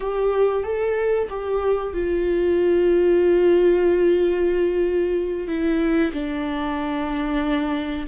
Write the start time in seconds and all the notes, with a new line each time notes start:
0.00 G4
0.63 A4
1.29 G4
1.93 F4
5.47 E4
6.12 D4